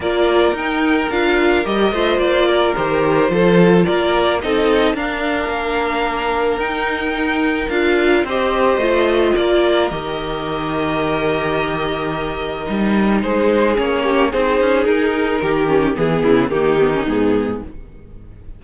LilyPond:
<<
  \new Staff \with { instrumentName = "violin" } { \time 4/4 \tempo 4 = 109 d''4 g''4 f''4 dis''4 | d''4 c''2 d''4 | dis''4 f''2. | g''2 f''4 dis''4~ |
dis''4 d''4 dis''2~ | dis''1 | c''4 cis''4 c''4 ais'4~ | ais'4 gis'4 g'4 gis'4 | }
  \new Staff \with { instrumentName = "violin" } { \time 4/4 ais'2.~ ais'8 c''8~ | c''8 ais'4. a'4 ais'4 | a'4 ais'2.~ | ais'2. c''4~ |
c''4 ais'2.~ | ais'1 | gis'4. g'8 gis'2 | g'4 gis'8 e'8 dis'2 | }
  \new Staff \with { instrumentName = "viola" } { \time 4/4 f'4 dis'4 f'4 g'8 f'8~ | f'4 g'4 f'2 | dis'4 d'2. | dis'2 f'4 g'4 |
f'2 g'2~ | g'2. dis'4~ | dis'4 cis'4 dis'2~ | dis'8 cis'8 b4 ais8 b16 cis'16 b4 | }
  \new Staff \with { instrumentName = "cello" } { \time 4/4 ais4 dis'4 d'4 g8 a8 | ais4 dis4 f4 ais4 | c'4 d'4 ais2 | dis'2 d'4 c'4 |
a4 ais4 dis2~ | dis2. g4 | gis4 ais4 c'8 cis'8 dis'4 | dis4 e8 cis8 dis4 gis,4 | }
>>